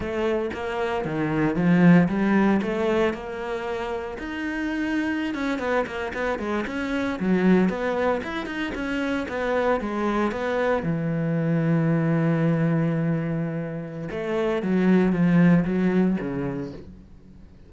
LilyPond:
\new Staff \with { instrumentName = "cello" } { \time 4/4 \tempo 4 = 115 a4 ais4 dis4 f4 | g4 a4 ais2 | dis'2~ dis'16 cis'8 b8 ais8 b16~ | b16 gis8 cis'4 fis4 b4 e'16~ |
e'16 dis'8 cis'4 b4 gis4 b16~ | b8. e2.~ e16~ | e2. a4 | fis4 f4 fis4 cis4 | }